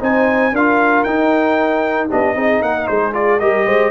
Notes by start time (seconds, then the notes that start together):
0.00 C4 D#4 C5 G#5
0.52 D4 F4 A#4 F5
1.03 D#4 G5
2.08 B3 D4 G4 D#5
2.35 C4 D#4 G#4
2.61 A#3 A#4 F#5
2.87 G#3 G#4 C5
3.13 F4 D5
3.39 G3 G4 A#4 D#5
3.65 G#3 C5